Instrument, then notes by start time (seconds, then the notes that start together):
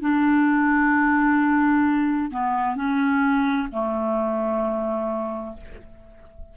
clarinet
0.00 D4
2.30 B3
2.75 C#4
3.71 A3